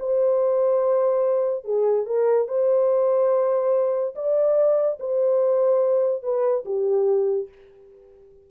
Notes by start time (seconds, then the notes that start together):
0.00 C5
1.65 G#4
2.06 A#4
2.48 C5
4.16 D5
5.00 C5
6.23 B4
6.66 G4